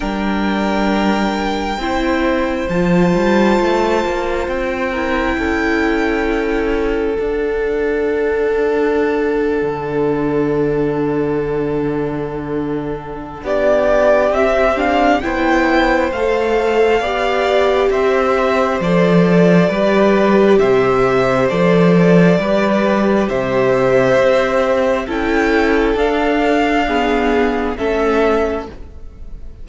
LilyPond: <<
  \new Staff \with { instrumentName = "violin" } { \time 4/4 \tempo 4 = 67 g''2. a''4~ | a''4 g''2. | fis''1~ | fis''2. d''4 |
e''8 f''8 g''4 f''2 | e''4 d''2 e''4 | d''2 e''2 | g''4 f''2 e''4 | }
  \new Staff \with { instrumentName = "violin" } { \time 4/4 ais'2 c''2~ | c''4. ais'8 a'2~ | a'1~ | a'2. g'4~ |
g'4 c''2 d''4 | c''2 b'4 c''4~ | c''4 b'4 c''2 | a'2 gis'4 a'4 | }
  \new Staff \with { instrumentName = "viola" } { \time 4/4 d'2 e'4 f'4~ | f'4. e'2~ e'8 | d'1~ | d'1 |
c'8 d'8 e'4 a'4 g'4~ | g'4 a'4 g'2 | a'4 g'2. | e'4 d'4 b4 cis'4 | }
  \new Staff \with { instrumentName = "cello" } { \time 4/4 g2 c'4 f8 g8 | a8 ais8 c'4 cis'2 | d'2~ d'8. d4~ d16~ | d2. b4 |
c'4 b4 a4 b4 | c'4 f4 g4 c4 | f4 g4 c4 c'4 | cis'4 d'2 a4 | }
>>